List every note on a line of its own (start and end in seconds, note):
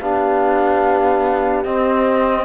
0.00 1.65 B3
0.00 1.66 D4
0.00 2.46 G4
0.00 1.64 F5
1.64 2.46 C4
1.64 2.46 D#5